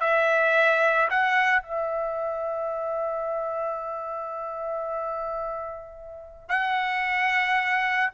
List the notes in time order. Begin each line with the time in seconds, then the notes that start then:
0.00 E5
1.10 F#5
1.62 E5
6.48 F#5